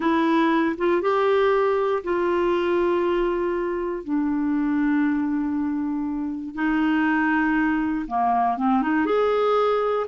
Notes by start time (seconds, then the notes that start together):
0.00 E4
0.77 F4
1.01 G4
2.03 F4
4.03 D4
6.54 D#4
8.07 A#3
8.57 C4
8.82 D#4
9.05 G#4